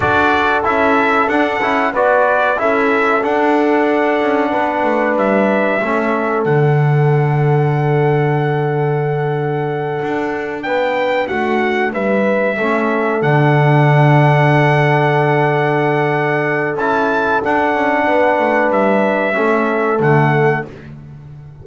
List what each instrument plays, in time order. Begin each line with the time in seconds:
0.00 double bass D4, trombone F#4, horn A4, trumpet D5
0.63 double bass C#4, trombone E4, trumpet E5
1.27 double bass D4, trombone D4, trumpet F#5
1.61 double bass C#4, trombone E4
1.92 double bass B3, trombone F#4, horn B4, trumpet D5
2.57 double bass C#4, trombone E4, horn A4, trumpet E5
3.23 trombone D4, double bass D4, trumpet F#5
4.21 double bass C#4
4.50 double bass B3, horn B4
4.83 double bass A3
5.16 double bass G3, trumpet E5
5.82 double bass A3, trombone C#4, horn A4
6.44 double bass D3, trombone D4, trumpet F#5
10.02 double bass D4
10.62 double bass B3, horn B4, trumpet G5
11.27 double bass A3, horn F#4, trumpet F#5
11.92 double bass G3, horn B4, trumpet E5
12.57 double bass A3, trombone C#4, horn A4
13.22 double bass D3, trombone D4, trumpet F#5
16.75 double bass C#4, trombone E4, trumpet A5
17.42 trombone D4, double bass D4, trumpet F#5
17.74 double bass C#4
18.07 double bass B3, horn B4
18.39 double bass A3
18.70 double bass G3, trumpet E5
19.33 double bass A3, trombone C#4, horn A4
19.99 double bass D3, trombone A3, trumpet F#5